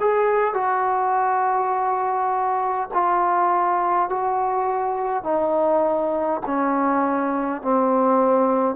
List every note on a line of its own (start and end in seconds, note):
0.00 0.53 G#4
0.53 2.89 F#4
2.93 4.09 F4
4.09 5.23 F#4
5.23 6.41 D#4
6.46 7.61 C#4
7.61 8.75 C4